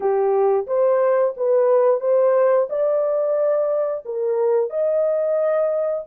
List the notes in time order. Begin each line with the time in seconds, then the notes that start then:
0.00 G4
0.66 C5
1.36 B4
2.00 C5
2.69 D5
4.04 A#4
4.70 D#5